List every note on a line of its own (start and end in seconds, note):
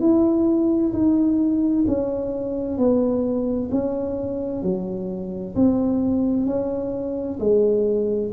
0.00 0.92 E4
0.92 1.85 D#4
1.87 2.77 C#4
2.77 3.70 B3
3.71 4.62 C#4
4.62 5.55 F#3
5.55 6.46 C4
6.46 7.38 C#4
7.39 8.32 G#3